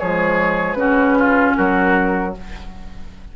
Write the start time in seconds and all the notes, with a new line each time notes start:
0.00 F3 G#3 G#4 C#5
0.74 C#3 C#4 F#4 B4
1.19 F4
1.56 F#3 F#4 A#4